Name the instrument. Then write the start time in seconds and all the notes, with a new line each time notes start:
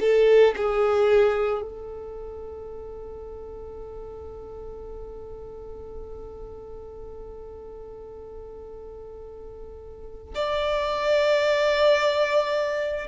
violin
0.00 A4
0.57 G#4
1.62 A4
10.34 D5